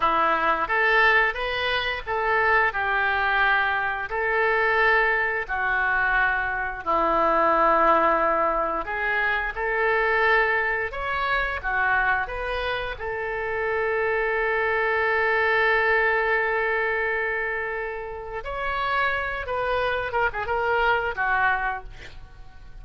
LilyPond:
\new Staff \with { instrumentName = "oboe" } { \time 4/4 \tempo 4 = 88 e'4 a'4 b'4 a'4 | g'2 a'2 | fis'2 e'2~ | e'4 gis'4 a'2 |
cis''4 fis'4 b'4 a'4~ | a'1~ | a'2. cis''4~ | cis''8 b'4 ais'16 gis'16 ais'4 fis'4 | }